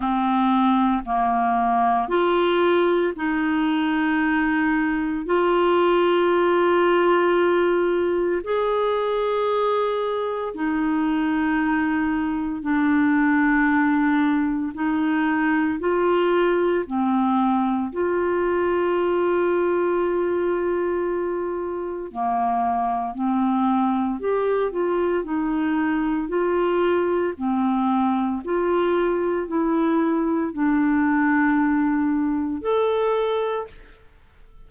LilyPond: \new Staff \with { instrumentName = "clarinet" } { \time 4/4 \tempo 4 = 57 c'4 ais4 f'4 dis'4~ | dis'4 f'2. | gis'2 dis'2 | d'2 dis'4 f'4 |
c'4 f'2.~ | f'4 ais4 c'4 g'8 f'8 | dis'4 f'4 c'4 f'4 | e'4 d'2 a'4 | }